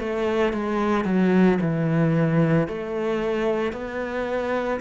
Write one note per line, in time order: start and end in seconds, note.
0.00 0.54 A3
0.54 1.05 G#3
1.05 1.59 F#3
1.61 2.68 E3
2.68 3.73 A3
3.73 4.80 B3